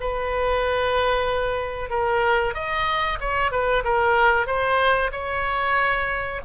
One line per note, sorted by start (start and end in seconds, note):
0.00 1.90 B4
1.90 2.54 A#4
2.54 3.18 D#5
3.20 3.51 C#5
3.51 3.83 B4
3.84 4.46 A#4
4.46 5.11 C5
5.12 6.41 C#5